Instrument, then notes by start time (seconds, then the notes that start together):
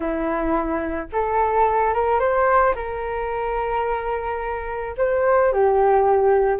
flute
0.00 E4
1.12 A4
1.93 A#4
2.19 C5
2.75 A#4
4.97 C5
5.52 G4